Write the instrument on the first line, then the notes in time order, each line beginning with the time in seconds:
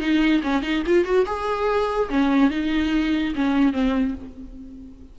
viola
0.00 D#4
0.43 C#4
0.62 D#4
0.86 F4
1.05 F#4
1.26 G#4
2.09 C#4
2.50 D#4
3.35 C#4
3.73 C4